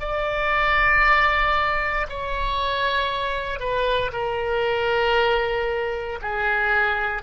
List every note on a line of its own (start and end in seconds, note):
0.00 2.07 D5
2.09 3.60 C#5
3.60 4.11 B4
4.12 6.19 A#4
6.22 7.23 G#4